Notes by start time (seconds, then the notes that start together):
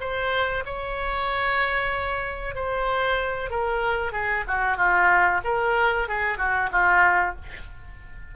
0.00 C5
0.66 C#5
2.55 C5
3.50 A#4
4.12 G#4
4.47 F#4
4.77 F4
5.44 A#4
6.08 G#4
6.38 F#4
6.72 F4